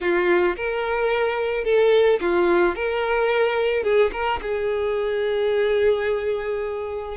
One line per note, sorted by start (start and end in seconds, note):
0.01 0.56 F4
0.56 1.64 A#4
1.64 2.19 A4
2.20 2.75 F4
2.75 3.83 A#4
3.83 4.10 G#4
4.12 4.40 A#4
4.42 7.17 G#4